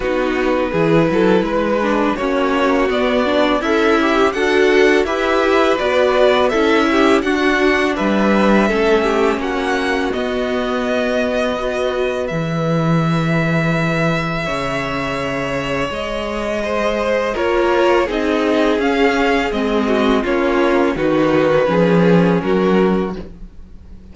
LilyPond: <<
  \new Staff \with { instrumentName = "violin" } { \time 4/4 \tempo 4 = 83 b'2. cis''4 | d''4 e''4 fis''4 e''4 | d''4 e''4 fis''4 e''4~ | e''4 fis''4 dis''2~ |
dis''4 e''2.~ | e''2 dis''2 | cis''4 dis''4 f''4 dis''4 | cis''4 b'2 ais'4 | }
  \new Staff \with { instrumentName = "violin" } { \time 4/4 fis'4 gis'8 a'8 b'4 fis'4~ | fis'4 e'4 a'4 b'4~ | b'4 a'8 g'8 fis'4 b'4 | a'8 g'8 fis'2. |
b'1 | cis''2. c''4 | ais'4 gis'2~ gis'8 fis'8 | f'4 fis'4 gis'4 fis'4 | }
  \new Staff \with { instrumentName = "viola" } { \time 4/4 dis'4 e'4. d'8 cis'4 | b8 d'8 a'8 g'8 fis'4 g'4 | fis'4 e'4 d'2 | cis'2 b2 |
fis'4 gis'2.~ | gis'1 | f'4 dis'4 cis'4 c'4 | cis'4 dis'4 cis'2 | }
  \new Staff \with { instrumentName = "cello" } { \time 4/4 b4 e8 fis8 gis4 ais4 | b4 cis'4 d'4 e'4 | b4 cis'4 d'4 g4 | a4 ais4 b2~ |
b4 e2. | cis2 gis2 | ais4 c'4 cis'4 gis4 | ais4 dis4 f4 fis4 | }
>>